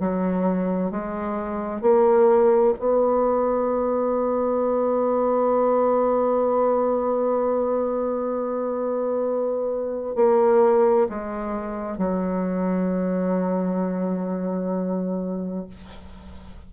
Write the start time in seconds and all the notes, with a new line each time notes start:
0.00 F#3
0.91 G#3
1.82 A#3
2.79 B3
10.16 A#3
11.09 G#3
11.98 F#3